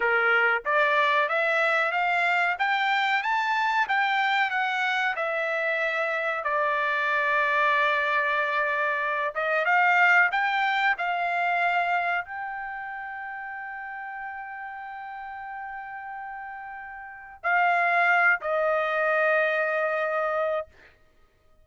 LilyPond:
\new Staff \with { instrumentName = "trumpet" } { \time 4/4 \tempo 4 = 93 ais'4 d''4 e''4 f''4 | g''4 a''4 g''4 fis''4 | e''2 d''2~ | d''2~ d''8 dis''8 f''4 |
g''4 f''2 g''4~ | g''1~ | g''2. f''4~ | f''8 dis''2.~ dis''8 | }